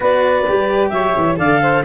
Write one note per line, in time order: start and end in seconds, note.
0.00 0.47 B3
0.00 0.45 F#4
0.00 0.90 B4
0.00 0.89 D5
0.47 0.91 G3
0.47 1.36 G4
0.89 1.14 F#3
0.89 1.37 C#5
0.89 1.35 E5
1.17 1.38 E3
1.36 1.84 D3
1.36 1.82 A4
1.36 1.60 D5
1.36 1.84 F5
1.61 1.84 C5